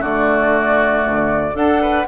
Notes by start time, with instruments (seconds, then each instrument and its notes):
0.00 bassoon D3, clarinet A3, oboe F#4, flute D5
1.05 bassoon D2
1.53 bassoon D4, clarinet A4, oboe A4, flute F#5
1.81 oboe B4